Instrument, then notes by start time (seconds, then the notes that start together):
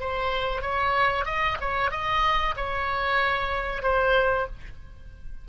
oboe
0.00 C5
0.62 C#5
1.25 D#5
1.60 C#5
1.91 D#5
2.56 C#5
3.82 C5